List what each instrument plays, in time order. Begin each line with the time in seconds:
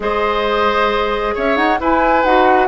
0.00 bassoon G#3, clarinet G#4, oboe C5, flute D#5
1.35 bassoon C#4, oboe C#5, flute E5
1.56 bassoon D#4, flute F#5
1.80 bassoon E4, clarinet E4, oboe B4, flute G#5
2.24 bassoon D#4, clarinet F#4, flute F#5